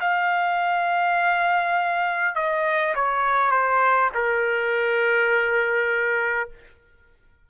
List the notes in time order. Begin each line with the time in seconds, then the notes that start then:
0.00 F5
2.35 D#5
2.95 C#5
3.51 C5
4.14 A#4